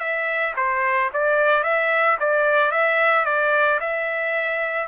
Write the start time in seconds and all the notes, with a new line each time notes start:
0.00 E5
0.56 C5
1.13 D5
1.64 E5
2.20 D5
2.71 E5
3.25 D5
3.81 E5